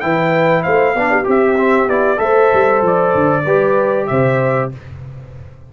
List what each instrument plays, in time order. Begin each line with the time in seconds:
0.00 tuba E3, trombone E4, horn B4, trumpet G5
0.63 tuba A3, horn C5, trumpet F5
0.95 tuba B3, trombone D4, horn D5
1.11 horn G4
1.24 tuba C4, trombone G4
1.30 trumpet E5
1.57 trombone C4
1.88 tuba B3, trombone E4, trumpet D5
2.17 tuba A3, trombone A4, horn C5, trumpet E5
2.53 tuba G3
2.82 tuba F3, trumpet D5
3.14 tuba D3
3.45 tuba G3, trombone G4, horn B4
4.07 tuba C3, horn C5, trumpet E5